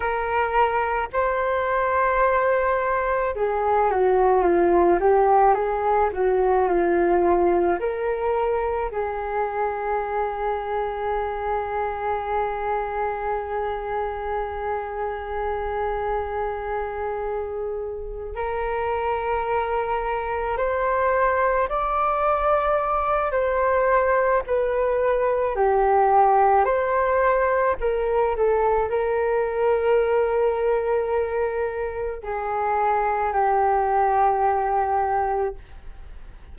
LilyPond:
\new Staff \with { instrumentName = "flute" } { \time 4/4 \tempo 4 = 54 ais'4 c''2 gis'8 fis'8 | f'8 g'8 gis'8 fis'8 f'4 ais'4 | gis'1~ | gis'1~ |
gis'8 ais'2 c''4 d''8~ | d''4 c''4 b'4 g'4 | c''4 ais'8 a'8 ais'2~ | ais'4 gis'4 g'2 | }